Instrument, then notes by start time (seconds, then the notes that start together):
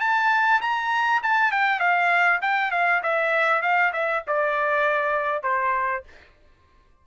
trumpet
0.00 A5
0.61 A#5
1.23 A5
1.52 G5
1.79 F5
2.42 G5
2.71 F5
3.03 E5
3.62 F5
3.93 E5
4.27 D5
5.43 C5